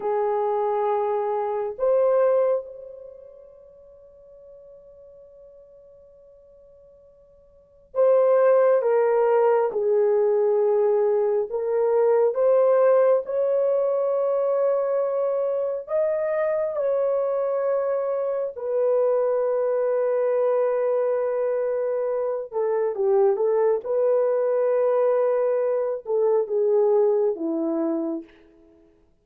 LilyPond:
\new Staff \with { instrumentName = "horn" } { \time 4/4 \tempo 4 = 68 gis'2 c''4 cis''4~ | cis''1~ | cis''4 c''4 ais'4 gis'4~ | gis'4 ais'4 c''4 cis''4~ |
cis''2 dis''4 cis''4~ | cis''4 b'2.~ | b'4. a'8 g'8 a'8 b'4~ | b'4. a'8 gis'4 e'4 | }